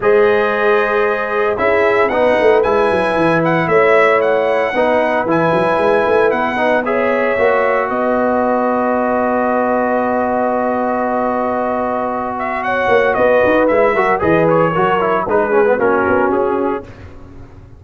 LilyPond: <<
  \new Staff \with { instrumentName = "trumpet" } { \time 4/4 \tempo 4 = 114 dis''2. e''4 | fis''4 gis''4. fis''8 e''4 | fis''2 gis''2 | fis''4 e''2 dis''4~ |
dis''1~ | dis''2.~ dis''8 e''8 | fis''4 dis''4 e''4 dis''8 cis''8~ | cis''4 b'4 ais'4 gis'4 | }
  \new Staff \with { instrumentName = "horn" } { \time 4/4 c''2. gis'4 | b'2. cis''4~ | cis''4 b'2.~ | b'4 cis''2 b'4~ |
b'1~ | b'1 | cis''4 b'4. ais'8 b'4 | ais'4 gis'4 fis'2 | }
  \new Staff \with { instrumentName = "trombone" } { \time 4/4 gis'2. e'4 | dis'4 e'2.~ | e'4 dis'4 e'2~ | e'8 dis'8 gis'4 fis'2~ |
fis'1~ | fis'1~ | fis'2 e'8 fis'8 gis'4 | fis'8 e'8 dis'8 cis'16 b16 cis'2 | }
  \new Staff \with { instrumentName = "tuba" } { \time 4/4 gis2. cis'4 | b8 a8 gis8 fis8 e4 a4~ | a4 b4 e8 fis8 gis8 a8 | b2 ais4 b4~ |
b1~ | b1~ | b8 ais8 b8 dis'8 gis8 fis8 e4 | fis4 gis4 ais8 b8 cis'4 | }
>>